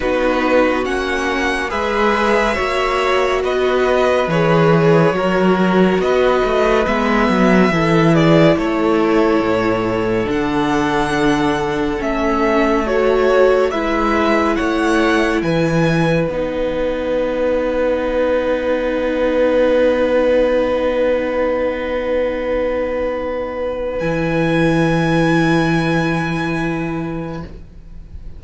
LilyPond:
<<
  \new Staff \with { instrumentName = "violin" } { \time 4/4 \tempo 4 = 70 b'4 fis''4 e''2 | dis''4 cis''2 dis''4 | e''4. d''8 cis''2 | fis''2 e''4 cis''4 |
e''4 fis''4 gis''4 fis''4~ | fis''1~ | fis''1 | gis''1 | }
  \new Staff \with { instrumentName = "violin" } { \time 4/4 fis'2 b'4 cis''4 | b'2 ais'4 b'4~ | b'4 a'8 gis'8 a'2~ | a'1 |
b'4 cis''4 b'2~ | b'1~ | b'1~ | b'1 | }
  \new Staff \with { instrumentName = "viola" } { \time 4/4 dis'4 cis'4 gis'4 fis'4~ | fis'4 gis'4 fis'2 | b4 e'2. | d'2 cis'4 fis'4 |
e'2. dis'4~ | dis'1~ | dis'1 | e'1 | }
  \new Staff \with { instrumentName = "cello" } { \time 4/4 b4 ais4 gis4 ais4 | b4 e4 fis4 b8 a8 | gis8 fis8 e4 a4 a,4 | d2 a2 |
gis4 a4 e4 b4~ | b1~ | b1 | e1 | }
>>